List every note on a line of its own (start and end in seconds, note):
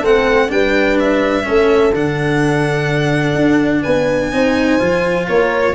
0.00 0.51 A3
0.00 0.49 C4
0.00 0.48 A4
0.00 0.51 F#5
0.49 1.46 G3
0.49 1.44 D4
0.49 1.47 B4
0.49 0.98 G5
0.99 1.94 E5
1.44 1.95 A3
1.44 1.91 C#4
1.44 3.83 A4
1.95 3.35 D3
1.95 4.32 D4
1.95 3.83 F#5
3.35 3.83 D4
3.83 4.33 B3
3.83 4.30 B4
3.83 5.26 G#5
4.32 4.80 C4
4.32 4.79 D#4
4.32 5.29 C5
4.79 5.28 F3
4.79 5.75 F4
5.28 5.75 A#3
5.28 5.75 A#4
5.28 5.75 C#5